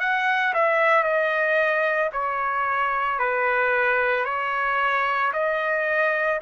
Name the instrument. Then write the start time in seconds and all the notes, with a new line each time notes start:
trumpet
0.00 F#5
0.54 E5
1.03 D#5
2.13 C#5
3.19 B4
4.25 C#5
5.33 D#5